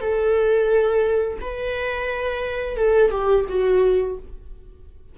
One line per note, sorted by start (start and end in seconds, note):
0.00 1.38 A4
1.40 2.76 B4
2.76 3.10 A4
3.10 3.45 G4
3.48 4.17 F#4